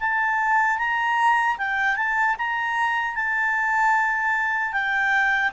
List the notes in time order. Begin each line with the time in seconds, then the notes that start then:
0.00 A5
0.78 A#5
1.58 G5
1.96 A5
2.38 A#5
3.15 A5
4.73 G5